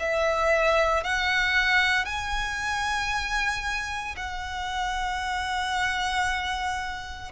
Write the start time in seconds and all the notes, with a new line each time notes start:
0.00 E5
1.04 F#5
2.06 G#5
4.17 F#5